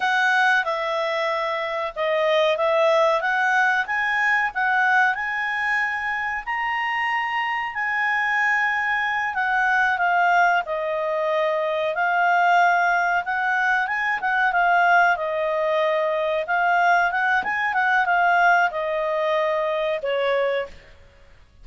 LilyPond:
\new Staff \with { instrumentName = "clarinet" } { \time 4/4 \tempo 4 = 93 fis''4 e''2 dis''4 | e''4 fis''4 gis''4 fis''4 | gis''2 ais''2 | gis''2~ gis''8 fis''4 f''8~ |
f''8 dis''2 f''4.~ | f''8 fis''4 gis''8 fis''8 f''4 dis''8~ | dis''4. f''4 fis''8 gis''8 fis''8 | f''4 dis''2 cis''4 | }